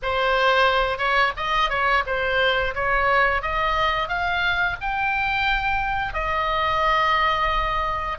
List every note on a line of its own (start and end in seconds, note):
0.02 0.98 C5
0.98 1.32 C#5
1.36 1.69 D#5
1.69 2.03 C#5
2.06 2.74 C5
2.75 3.42 C#5
3.42 4.08 D#5
4.08 4.76 F5
4.80 6.13 G5
6.13 8.18 D#5